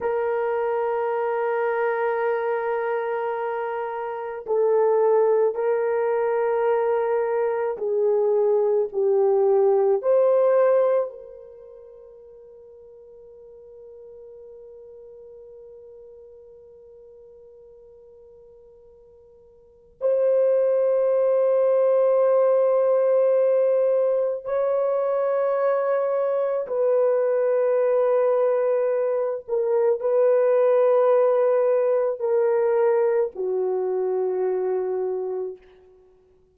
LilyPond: \new Staff \with { instrumentName = "horn" } { \time 4/4 \tempo 4 = 54 ais'1 | a'4 ais'2 gis'4 | g'4 c''4 ais'2~ | ais'1~ |
ais'2 c''2~ | c''2 cis''2 | b'2~ b'8 ais'8 b'4~ | b'4 ais'4 fis'2 | }